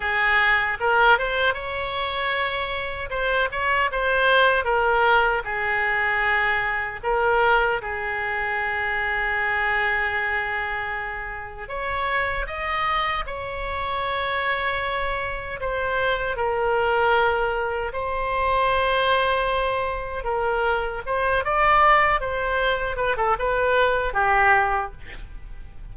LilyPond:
\new Staff \with { instrumentName = "oboe" } { \time 4/4 \tempo 4 = 77 gis'4 ais'8 c''8 cis''2 | c''8 cis''8 c''4 ais'4 gis'4~ | gis'4 ais'4 gis'2~ | gis'2. cis''4 |
dis''4 cis''2. | c''4 ais'2 c''4~ | c''2 ais'4 c''8 d''8~ | d''8 c''4 b'16 a'16 b'4 g'4 | }